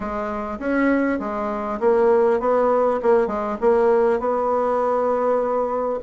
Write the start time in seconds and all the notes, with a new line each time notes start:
0.00 G#3
0.59 C#4
1.19 G#3
1.80 A#3
2.39 B3
3.02 A#3
3.27 G#3
3.60 A#3
4.19 B3